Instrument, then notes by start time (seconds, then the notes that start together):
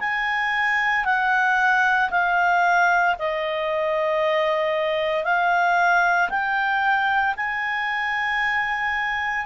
clarinet
0.00 G#5
1.05 F#5
2.11 F5
3.20 D#5
5.24 F5
6.30 G5
7.37 G#5